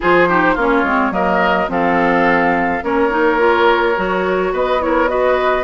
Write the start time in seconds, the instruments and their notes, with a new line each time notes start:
0.00 bassoon F3, clarinet F4, oboe G#4, flute C5
0.28 clarinet D#4, oboe G4
0.54 bassoon A#3, clarinet C#4, oboe F4
0.60 flute C#5
0.83 bassoon G#3, clarinet C4
1.10 bassoon F#3, clarinet A#3, oboe A#4, flute D#5
1.68 bassoon F3, clarinet C4, oboe A4, flute F5
2.83 bassoon A#3, clarinet C#4, oboe A#4, flute C#5
3.10 clarinet D#4
3.38 clarinet F4
3.96 bassoon F#3, clarinet F#4
4.52 bassoon B3, oboe B4, flute D#5
4.80 clarinet E4, oboe A#4, flute C#5
5.07 clarinet F#4, oboe B4, flute D#5